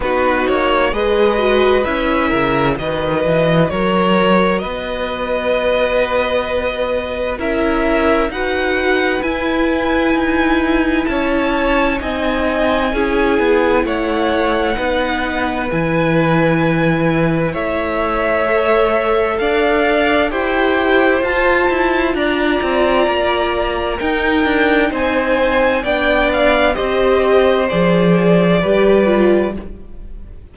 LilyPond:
<<
  \new Staff \with { instrumentName = "violin" } { \time 4/4 \tempo 4 = 65 b'8 cis''8 dis''4 e''4 dis''4 | cis''4 dis''2. | e''4 fis''4 gis''2 | a''4 gis''2 fis''4~ |
fis''4 gis''2 e''4~ | e''4 f''4 g''4 a''4 | ais''2 g''4 gis''4 | g''8 f''8 dis''4 d''2 | }
  \new Staff \with { instrumentName = "violin" } { \time 4/4 fis'4 b'4. ais'8 b'4 | ais'4 b'2. | ais'4 b'2. | cis''4 dis''4 gis'4 cis''4 |
b'2. cis''4~ | cis''4 d''4 c''2 | d''2 ais'4 c''4 | d''4 c''2 b'4 | }
  \new Staff \with { instrumentName = "viola" } { \time 4/4 dis'4 gis'8 fis'8 e'4 fis'4~ | fis'1 | e'4 fis'4 e'2~ | e'4 dis'4 e'2 |
dis'4 e'2. | a'2 g'4 f'4~ | f'2 dis'2 | d'4 g'4 gis'4 g'8 f'8 | }
  \new Staff \with { instrumentName = "cello" } { \time 4/4 b8 ais8 gis4 cis'8 cis8 dis8 e8 | fis4 b2. | cis'4 dis'4 e'4 dis'4 | cis'4 c'4 cis'8 b8 a4 |
b4 e2 a4~ | a4 d'4 e'4 f'8 e'8 | d'8 c'8 ais4 dis'8 d'8 c'4 | b4 c'4 f4 g4 | }
>>